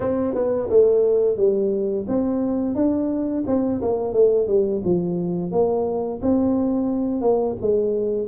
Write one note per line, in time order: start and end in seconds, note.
0.00 0.34 C4
0.34 0.68 B3
0.69 1.36 A3
1.36 2.05 G3
2.08 2.75 C4
2.75 3.44 D4
3.46 3.81 C4
3.81 4.13 A#3
4.13 4.47 A3
4.47 4.82 G3
4.84 5.51 F3
5.51 6.20 A#3
6.21 7.21 C4
7.21 7.55 A#3
7.61 8.27 G#3